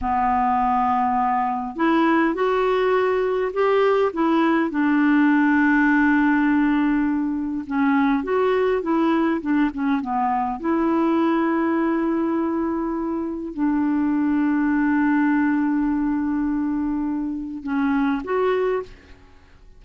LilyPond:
\new Staff \with { instrumentName = "clarinet" } { \time 4/4 \tempo 4 = 102 b2. e'4 | fis'2 g'4 e'4 | d'1~ | d'4 cis'4 fis'4 e'4 |
d'8 cis'8 b4 e'2~ | e'2. d'4~ | d'1~ | d'2 cis'4 fis'4 | }